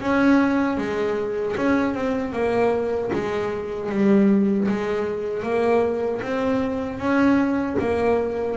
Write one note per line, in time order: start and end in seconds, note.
0.00 0.77 C#4
0.77 1.55 G#3
1.57 1.94 C#4
1.94 2.32 C4
2.32 3.10 A#3
3.13 3.89 G#3
3.89 4.67 G3
4.68 5.43 G#3
5.43 6.21 A#3
6.22 6.98 C4
6.98 7.76 C#4
7.80 8.57 A#3